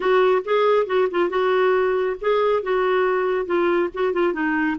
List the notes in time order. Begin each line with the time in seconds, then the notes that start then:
0.00 F#4
0.44 G#4
0.86 F#4
1.11 F4
1.29 F#4
2.20 G#4
2.62 F#4
3.45 F4
3.93 F#4
4.13 F4
4.33 D#4